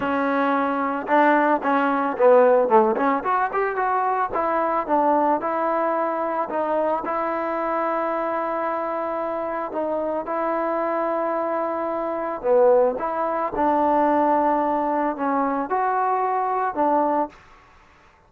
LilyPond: \new Staff \with { instrumentName = "trombone" } { \time 4/4 \tempo 4 = 111 cis'2 d'4 cis'4 | b4 a8 cis'8 fis'8 g'8 fis'4 | e'4 d'4 e'2 | dis'4 e'2.~ |
e'2 dis'4 e'4~ | e'2. b4 | e'4 d'2. | cis'4 fis'2 d'4 | }